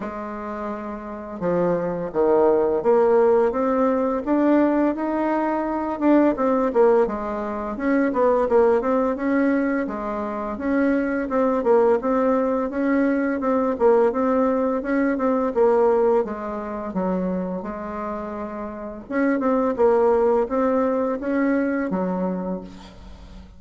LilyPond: \new Staff \with { instrumentName = "bassoon" } { \time 4/4 \tempo 4 = 85 gis2 f4 dis4 | ais4 c'4 d'4 dis'4~ | dis'8 d'8 c'8 ais8 gis4 cis'8 b8 | ais8 c'8 cis'4 gis4 cis'4 |
c'8 ais8 c'4 cis'4 c'8 ais8 | c'4 cis'8 c'8 ais4 gis4 | fis4 gis2 cis'8 c'8 | ais4 c'4 cis'4 fis4 | }